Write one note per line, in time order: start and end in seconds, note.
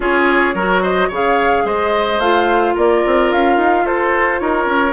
0.00 0.54 C#4
0.00 0.54 F4
0.00 0.55 G#4
0.00 0.82 C#5
0.54 1.09 F#3
0.54 1.11 F#4
0.54 0.81 A#4
0.81 1.08 C5
0.81 1.10 D#5
1.08 1.64 C#3
1.08 2.21 G#4
1.08 1.63 C#5
1.15 1.66 F5
1.64 2.18 G#3
1.64 2.74 C5
1.64 2.20 D#5
2.18 2.73 A3
2.18 4.93 F4
2.18 2.75 F5
2.74 3.03 A#3
2.74 3.84 A#4
2.74 3.32 D5
3.06 3.31 C4
3.31 3.56 C#4
3.31 3.86 F5
3.56 3.84 D#4
3.85 4.41 F4
3.85 4.40 A4
3.85 4.39 C5
4.39 4.65 D#4
4.39 4.93 A#4
4.39 4.93 C#5
4.65 4.93 C#4